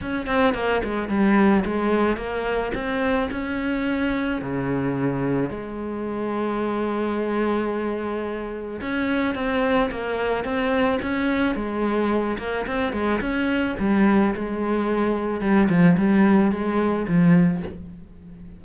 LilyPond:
\new Staff \with { instrumentName = "cello" } { \time 4/4 \tempo 4 = 109 cis'8 c'8 ais8 gis8 g4 gis4 | ais4 c'4 cis'2 | cis2 gis2~ | gis1 |
cis'4 c'4 ais4 c'4 | cis'4 gis4. ais8 c'8 gis8 | cis'4 g4 gis2 | g8 f8 g4 gis4 f4 | }